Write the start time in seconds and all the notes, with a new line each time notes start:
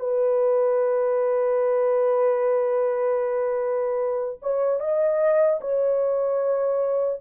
0.00 B4
4.42 C#5
4.80 D#5
5.61 C#5